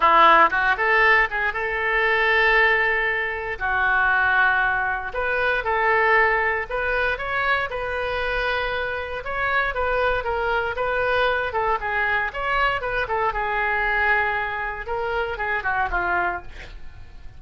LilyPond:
\new Staff \with { instrumentName = "oboe" } { \time 4/4 \tempo 4 = 117 e'4 fis'8 a'4 gis'8 a'4~ | a'2. fis'4~ | fis'2 b'4 a'4~ | a'4 b'4 cis''4 b'4~ |
b'2 cis''4 b'4 | ais'4 b'4. a'8 gis'4 | cis''4 b'8 a'8 gis'2~ | gis'4 ais'4 gis'8 fis'8 f'4 | }